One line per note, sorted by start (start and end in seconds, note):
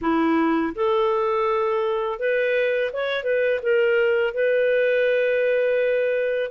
0.01 0.73 E4
0.75 2.19 A4
2.19 2.91 B4
2.92 3.23 C#5
3.23 3.59 B4
3.62 4.34 A#4
4.34 6.50 B4